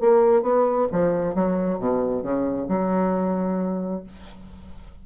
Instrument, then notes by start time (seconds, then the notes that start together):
bassoon
0.00 A#3
0.42 B3
0.92 F3
1.34 F#3
1.79 B2
2.23 C#3
2.68 F#3